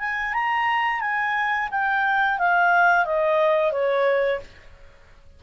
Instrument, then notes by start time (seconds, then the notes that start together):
clarinet
0.00 G#5
0.34 A#5
1.01 G#5
1.71 G5
2.39 F5
3.06 D#5
3.72 C#5